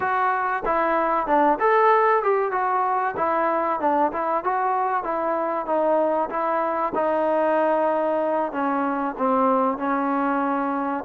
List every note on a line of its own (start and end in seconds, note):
0.00 0.63 F#4
0.65 1.26 E4
1.26 1.58 D4
1.59 2.22 A4
2.22 2.51 G4
2.51 3.14 F#4
3.16 3.80 E4
3.80 4.11 D4
4.12 4.44 E4
4.44 5.03 F#4
5.03 5.66 E4
5.66 6.29 D#4
6.29 6.92 E4
6.94 8.51 D#4
8.51 9.15 C#4
9.18 9.77 C4
9.77 11.04 C#4